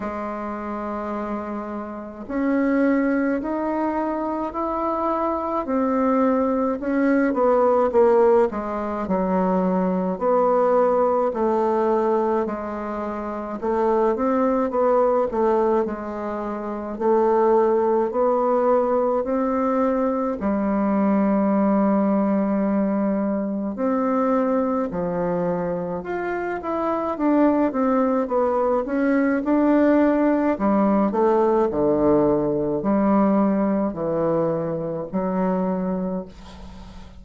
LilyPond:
\new Staff \with { instrumentName = "bassoon" } { \time 4/4 \tempo 4 = 53 gis2 cis'4 dis'4 | e'4 c'4 cis'8 b8 ais8 gis8 | fis4 b4 a4 gis4 | a8 c'8 b8 a8 gis4 a4 |
b4 c'4 g2~ | g4 c'4 f4 f'8 e'8 | d'8 c'8 b8 cis'8 d'4 g8 a8 | d4 g4 e4 fis4 | }